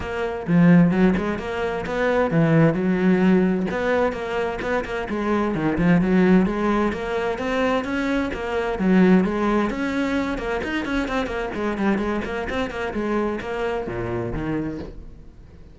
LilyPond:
\new Staff \with { instrumentName = "cello" } { \time 4/4 \tempo 4 = 130 ais4 f4 fis8 gis8 ais4 | b4 e4 fis2 | b4 ais4 b8 ais8 gis4 | dis8 f8 fis4 gis4 ais4 |
c'4 cis'4 ais4 fis4 | gis4 cis'4. ais8 dis'8 cis'8 | c'8 ais8 gis8 g8 gis8 ais8 c'8 ais8 | gis4 ais4 ais,4 dis4 | }